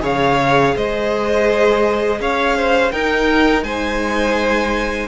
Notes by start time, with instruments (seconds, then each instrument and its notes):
0.00 cello C#3, viola G#4, violin C#5 F5
0.75 cello G#3, violin C5 D#5
2.20 cello C#4, violin C#5 F5
2.56 violin C5
2.91 cello D#4, viola D#4, violin A#4 G5
3.62 cello G#3, violin C5 G#5